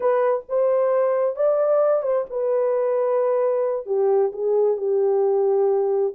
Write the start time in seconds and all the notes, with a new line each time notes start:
0.00 B4
0.48 C5
1.36 D5
2.02 C5
2.30 B4
3.86 G4
4.32 G#4
4.77 G4